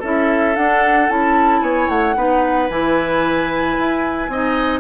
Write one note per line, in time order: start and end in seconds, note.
0.00 0.57 C#4
0.00 0.56 E4
0.00 1.61 A4
0.00 0.56 E5
0.56 1.09 D4
0.56 1.10 D4
0.56 1.09 F#5
1.09 1.62 C#4
1.09 2.16 E4
1.09 1.62 A5
1.62 1.89 B3
1.62 2.16 C#5
1.62 1.89 G#5
1.89 2.16 A3
1.89 2.70 F#5
2.16 2.70 B3
2.16 2.70 D#4
2.16 4.31 B4
2.70 3.77 E3
2.70 4.31 E4
2.70 4.81 G#5
3.79 4.29 E4
4.29 4.81 C4
4.29 4.81 D#4
4.29 4.81 D#5